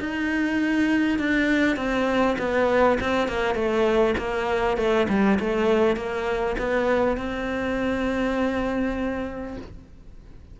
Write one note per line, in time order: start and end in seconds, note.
0.00 1.19 D#4
1.19 1.76 D4
1.76 2.36 C4
2.38 2.98 B3
3.00 3.28 C4
3.28 3.55 A#3
3.55 4.15 A3
4.18 4.77 A#3
4.77 5.07 A3
5.09 5.39 G3
5.40 5.96 A3
5.96 6.56 A#3
6.58 7.17 B3
7.17 9.57 C4